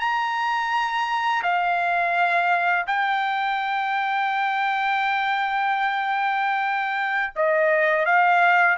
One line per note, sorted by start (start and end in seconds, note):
0.00 1.43 A#5
1.43 2.86 F5
2.87 7.33 G5
7.36 8.06 D#5
8.06 8.78 F5